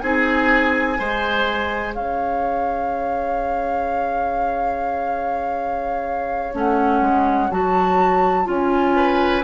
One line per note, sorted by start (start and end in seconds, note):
0.00 0.99 C4
0.00 0.98 D#4
0.00 0.99 G#4
0.00 1.94 G#5
0.98 1.96 G#3
0.98 6.53 G#4
0.98 1.95 C5
1.95 6.54 C#4
1.95 8.97 C#5
1.95 6.55 F5
6.53 7.01 A3
6.53 7.50 C#4
6.53 7.52 F#5
7.01 7.50 G#3
7.51 8.48 F#3
7.51 8.45 F#4
7.51 8.48 A5
8.45 9.45 C#4
8.45 9.42 F4
8.45 9.45 G#5
8.97 9.45 B4